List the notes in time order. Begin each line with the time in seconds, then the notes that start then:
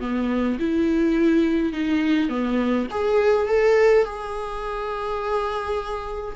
0.00 B3
0.59 E4
1.72 D#4
2.29 B3
2.91 G#4
3.47 A4
4.05 G#4